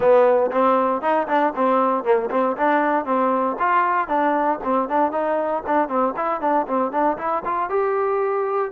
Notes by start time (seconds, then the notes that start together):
0.00 B3
0.51 C4
1.01 D#4
1.27 D4
1.55 C4
2.03 A#3
2.30 C4
2.56 D4
3.05 C4
3.59 F4
4.08 D4
4.63 C4
4.88 D4
5.11 D#4
5.66 D4
5.88 C4
6.16 E4
6.40 D4
6.67 C4
6.91 D4
7.17 E4
7.45 F4
7.69 G4